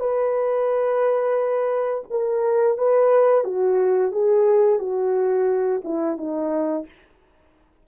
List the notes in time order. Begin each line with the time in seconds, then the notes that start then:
0.00 B4
2.10 A#4
2.78 B4
3.44 F#4
4.12 G#4
4.79 F#4
5.84 E4
6.17 D#4